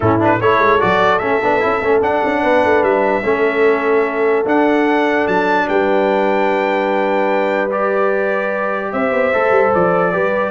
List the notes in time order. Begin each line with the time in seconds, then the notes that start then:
0.00 A2 C#4 E4 A4
0.19 D4 B4
0.40 A3 E4 A4 C#5
0.59 G#3
0.79 F#3 F#4 D5
1.19 A3 C#4 E5
1.42 B3 D4
1.60 C#4 E4
1.81 A3 C#4
2.01 D4 F#5
2.24 C#4
2.42 B3 B4
2.64 A3
2.82 G3 E5
3.23 A3 C#4 A4
4.45 D4 F#5
5.27 F#3 A5
5.67 G3 B4 G5
7.70 G4 D5
8.92 C4 C5 E5
9.11 B3
9.33 A3 A4
9.51 G3
9.74 F3 D5
10.12 G3 G4 B4